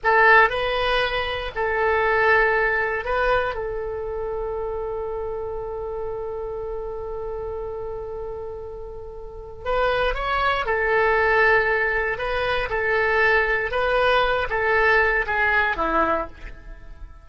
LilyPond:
\new Staff \with { instrumentName = "oboe" } { \time 4/4 \tempo 4 = 118 a'4 b'2 a'4~ | a'2 b'4 a'4~ | a'1~ | a'1~ |
a'2. b'4 | cis''4 a'2. | b'4 a'2 b'4~ | b'8 a'4. gis'4 e'4 | }